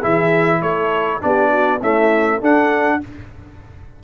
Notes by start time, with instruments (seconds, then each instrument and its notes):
0.00 tuba E3, trombone E4, horn G#4, trumpet E5
0.62 tuba A3, horn A4, trumpet C#5
1.20 tuba B3, trombone D4, horn G4, trumpet D5
1.51 horn F#4
1.80 trombone A3, tuba C#4, horn E4, trumpet E5
2.40 tuba D4, trombone D4, horn A4, trumpet F#5